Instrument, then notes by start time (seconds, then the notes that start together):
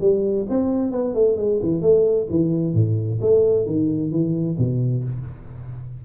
tuba
0.00 G3
0.49 C4
0.91 B3
1.14 A3
1.37 G#3
1.62 E3
1.81 A3
2.30 E3
2.73 A2
3.21 A3
3.66 D#3
4.11 E3
4.58 B2